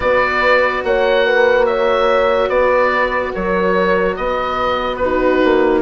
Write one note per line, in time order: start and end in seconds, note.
0.00 0.83 B3
0.00 4.99 F#4
0.00 0.83 B4
0.00 0.84 D5
0.83 2.49 A#3
0.83 1.26 C#5
0.83 1.66 F#5
1.26 1.67 B4
1.66 2.49 C#5
1.66 2.49 E5
2.49 3.32 B3
2.49 3.32 B4
2.49 3.32 D5
3.33 4.17 F#3
3.33 4.16 A#4
3.33 4.16 C#5
4.16 5.42 B3
4.16 5.02 B4
4.16 4.96 D#5
4.96 5.82 F#4
4.96 5.80 B4
5.03 5.82 D#4
5.44 5.82 A#3